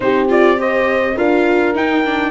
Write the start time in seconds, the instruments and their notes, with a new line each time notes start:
0.00 tuba C4, viola D#4, horn G4, trumpet C5
0.28 viola F4, trumpet D5
0.56 viola G4, horn C5, trumpet D#5
1.16 tuba D4, viola F4, horn A#4, trumpet F5
1.74 viola D#4, tuba D#4, trumpet G5
2.04 viola D4